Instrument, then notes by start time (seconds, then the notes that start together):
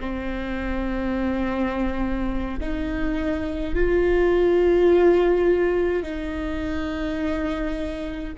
viola
0.00 C4
2.60 D#4
3.75 F4
6.03 D#4